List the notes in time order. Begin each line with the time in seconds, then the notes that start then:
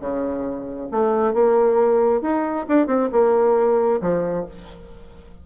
0.00 C#3
0.91 A3
1.34 A#3
2.22 D#4
2.69 D4
2.87 C4
3.12 A#3
4.01 F3